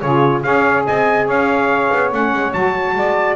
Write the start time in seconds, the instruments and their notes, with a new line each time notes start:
0.00 double bass C#3, saxophone F4 G#4, trumpet C#5
0.43 double bass C#4, saxophone G#4 C#5, trumpet F5
0.86 double bass C4, saxophone D#5, trumpet G#5
1.26 double bass C#4, saxophone C#5, trumpet F5
1.94 double bass B3
2.11 double bass A3, saxophone C#4, trumpet F#5
2.33 double bass G#3
2.53 double bass F#3, saxophone F#4, trumpet A5
2.95 double bass G#3, saxophone D5